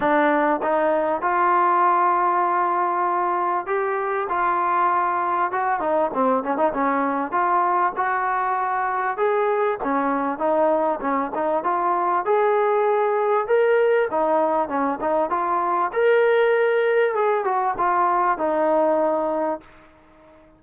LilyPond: \new Staff \with { instrumentName = "trombone" } { \time 4/4 \tempo 4 = 98 d'4 dis'4 f'2~ | f'2 g'4 f'4~ | f'4 fis'8 dis'8 c'8 cis'16 dis'16 cis'4 | f'4 fis'2 gis'4 |
cis'4 dis'4 cis'8 dis'8 f'4 | gis'2 ais'4 dis'4 | cis'8 dis'8 f'4 ais'2 | gis'8 fis'8 f'4 dis'2 | }